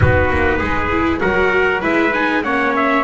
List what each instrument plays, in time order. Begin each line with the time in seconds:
0.00 double bass B3, viola D#4, trumpet F#4 B4
0.29 double bass A#3
0.58 double bass G#3, trumpet G#4
0.90 viola E4
1.19 double bass F#3, viola F#4, trumpet A#4 F#5
1.81 double bass G#3, viola E4, trumpet B4 E5
2.13 viola D#4, trumpet G#5
2.43 double bass A#3, viola C#4, trumpet C#5 F#5
2.75 trumpet E5